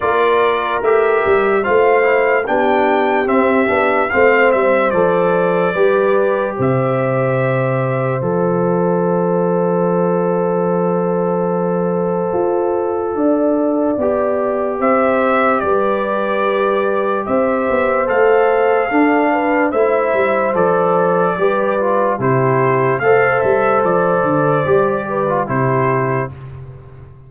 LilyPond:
<<
  \new Staff \with { instrumentName = "trumpet" } { \time 4/4 \tempo 4 = 73 d''4 e''4 f''4 g''4 | e''4 f''8 e''8 d''2 | e''2 f''2~ | f''1~ |
f''2 e''4 d''4~ | d''4 e''4 f''2 | e''4 d''2 c''4 | f''8 e''8 d''2 c''4 | }
  \new Staff \with { instrumentName = "horn" } { \time 4/4 ais'2 c''4 g'4~ | g'4 c''2 b'4 | c''1~ | c''1 |
d''2 c''4 b'4~ | b'4 c''2 a'8 b'8 | c''2 b'4 g'4 | c''2~ c''8 b'8 g'4 | }
  \new Staff \with { instrumentName = "trombone" } { \time 4/4 f'4 g'4 f'8 e'8 d'4 | c'8 d'8 c'4 a'4 g'4~ | g'2 a'2~ | a'1~ |
a'4 g'2.~ | g'2 a'4 d'4 | e'4 a'4 g'8 f'8 e'4 | a'2 g'8. f'16 e'4 | }
  \new Staff \with { instrumentName = "tuba" } { \time 4/4 ais4 a8 g8 a4 b4 | c'8 b8 a8 g8 f4 g4 | c2 f2~ | f2. f'4 |
d'4 b4 c'4 g4~ | g4 c'8 b8 a4 d'4 | a8 g8 f4 g4 c4 | a8 g8 f8 d8 g4 c4 | }
>>